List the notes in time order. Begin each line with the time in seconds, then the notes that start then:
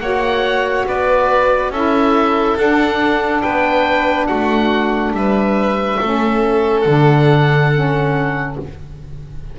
0.00 A#3 F#4 C#5 F#5
0.86 B3 B4 D5
1.70 C#4 E4 A4 E5
2.57 D4 F#5
3.42 B3 B4 G5
4.27 A3 F#4 F#5
5.12 G3 E5
5.18 B4
6.00 A3 C#4 A4
6.81 D3 D4 F#5
7.74 C#4